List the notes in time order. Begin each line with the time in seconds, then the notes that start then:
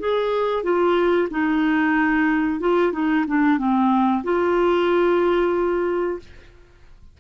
0.00 G#4
0.64 F4
1.31 D#4
2.61 F4
2.93 D#4
3.28 D4
3.58 C4
4.24 F4